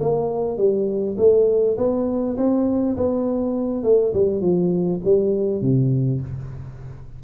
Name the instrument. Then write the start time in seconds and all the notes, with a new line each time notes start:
tuba
0.00 A#3
0.57 G3
1.17 A3
1.77 B3
2.37 C4
2.96 B3
3.83 A3
4.13 G3
4.41 F3
5.04 G3
5.61 C3